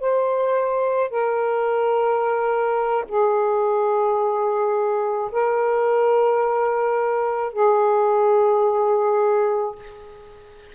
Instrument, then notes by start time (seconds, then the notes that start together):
saxophone
0.00 C5
1.10 A#4
3.08 G#4
5.31 A#4
7.53 G#4